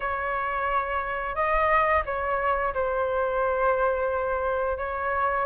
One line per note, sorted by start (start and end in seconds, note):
0.00 1.35 C#5
1.35 2.03 D#5
2.05 2.73 C#5
2.74 4.77 C5
4.77 5.45 C#5